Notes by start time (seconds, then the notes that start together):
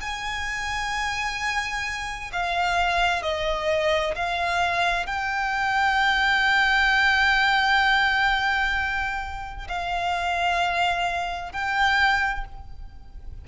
0.00 G#5
2.32 F5
3.23 D#5
4.15 F5
5.06 G5
9.68 F5
11.52 G5